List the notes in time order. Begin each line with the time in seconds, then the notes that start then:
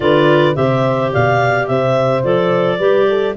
0.00 D3 F4 B4 D5
0.54 C3 G4 C5 E5
1.12 B2 D5 F5
1.67 C3 C5 E5
2.23 F3 A4 D5
2.78 G3 G4 B4
3.08 A4